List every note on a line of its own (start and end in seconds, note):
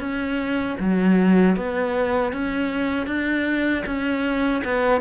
0.00 0.77 C#4
0.80 1.57 F#3
1.57 2.33 B3
2.33 3.07 C#4
3.07 3.84 D4
3.86 4.63 C#4
4.64 5.01 B3